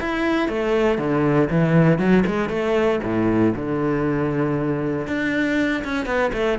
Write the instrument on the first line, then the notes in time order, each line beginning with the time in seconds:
cello
0.00 E4
0.48 A3
0.98 D3
1.50 E3
1.98 F#3
2.26 G#3
2.49 A3
3.03 A2
3.55 D3
5.07 D4
5.84 C#4
6.06 B3
6.33 A3